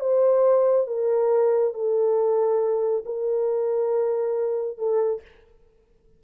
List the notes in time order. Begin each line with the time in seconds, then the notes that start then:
0.00 C5
0.87 A#4
1.73 A4
3.05 A#4
4.77 A4